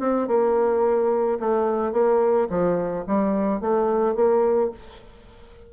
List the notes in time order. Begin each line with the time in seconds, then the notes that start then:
0.00 C4
0.28 A#3
1.40 A3
1.93 A#3
2.50 F3
3.07 G3
3.61 A3
4.15 A#3